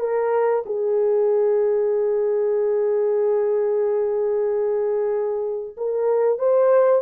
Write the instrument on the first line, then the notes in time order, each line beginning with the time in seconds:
horn
0.00 A#4
0.66 G#4
5.77 A#4
6.39 C5